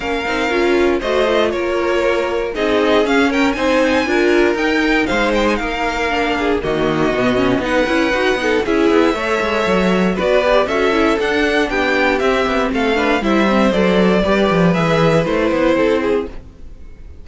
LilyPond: <<
  \new Staff \with { instrumentName = "violin" } { \time 4/4 \tempo 4 = 118 f''2 dis''4 cis''4~ | cis''4 dis''4 f''8 g''8 gis''4~ | gis''4 g''4 f''8 g''16 gis''16 f''4~ | f''4 dis''2 fis''4~ |
fis''4 e''2. | d''4 e''4 fis''4 g''4 | e''4 f''4 e''4 d''4~ | d''4 e''4 c''2 | }
  \new Staff \with { instrumentName = "violin" } { \time 4/4 ais'2 c''4 ais'4~ | ais'4 gis'4. ais'8 c''4 | ais'2 c''4 ais'4~ | ais'8 gis'8 fis'2 b'4~ |
b'8 a'8 gis'4 cis''2 | b'4 a'2 g'4~ | g'4 a'8 b'8 c''2 | b'2. a'8 gis'8 | }
  \new Staff \with { instrumentName = "viola" } { \time 4/4 cis'8 dis'8 f'4 fis'8 f'4.~ | f'4 dis'4 cis'4 dis'4 | f'4 dis'2. | d'4 ais4 b8 cis'8 dis'8 e'8 |
fis'8 dis'8 e'4 a'2 | fis'8 g'8 fis'8 e'8 d'2 | c'4. d'8 e'8 c'8 a'4 | g'4 gis'4 e'2 | }
  \new Staff \with { instrumentName = "cello" } { \time 4/4 ais8 c'8 cis'4 a4 ais4~ | ais4 c'4 cis'4 c'4 | d'4 dis'4 gis4 ais4~ | ais4 dis4 b,4 b8 cis'8 |
dis'8 b8 cis'8 b8 a8 gis8 fis4 | b4 cis'4 d'4 b4 | c'8 b8 a4 g4 fis4 | g8 f8 e4 a8 b8 c'4 | }
>>